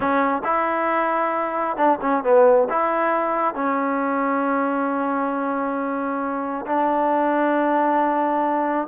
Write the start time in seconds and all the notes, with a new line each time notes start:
0.00 C#4
0.43 E4
1.76 D4
2.01 C#4
2.23 B3
2.69 E4
3.54 C#4
6.65 D4